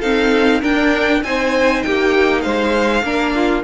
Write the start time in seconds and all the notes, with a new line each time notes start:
0.00 C4 D#4 A4 F5
0.61 D4 A#4 G5
1.23 C4 D#4 C5 G#5
1.83 A#3 G4 G5
2.41 G#3 C5 F5
3.03 A#3 D4 A#4
3.36 F4